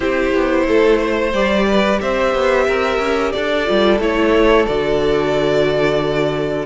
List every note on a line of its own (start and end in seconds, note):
0.00 0.33 C4
0.00 1.31 E4
0.00 0.64 G4
0.00 1.33 C5
0.34 0.67 B3
0.67 1.33 A3
0.67 0.98 A4
0.98 1.65 C5
1.33 1.99 G3
1.33 3.65 G4
1.33 1.99 D5
1.67 2.01 B4
2.00 2.34 C4
2.00 2.67 C5
2.00 3.32 E5
2.34 2.67 B3
2.67 2.98 C4
2.67 3.33 A#4
2.98 3.32 C#4
3.32 3.69 D4
3.32 6.65 A4
3.32 3.98 D5
3.65 3.99 G3
3.65 3.98 F4
3.99 4.66 A3
3.99 4.66 E4
3.99 4.66 C#5
4.66 6.65 D3
4.66 6.65 F#4
4.66 6.65 D5